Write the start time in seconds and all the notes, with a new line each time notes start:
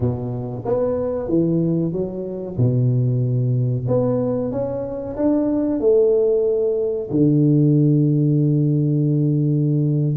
0.00 B2
0.65 B3
1.28 E3
1.92 F#3
2.57 B2
3.87 B3
4.51 C#4
5.16 D4
5.80 A3
7.10 D3